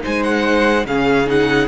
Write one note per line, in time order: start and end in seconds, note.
0.00 0.83 D#4
0.00 0.86 C5
0.00 0.23 G#5
0.06 0.85 G#3
0.23 0.86 F#5
0.85 1.68 C#3
0.85 1.26 C#4
0.85 1.68 G#4
0.85 1.29 F5
1.26 1.68 D#4
1.26 1.68 F#5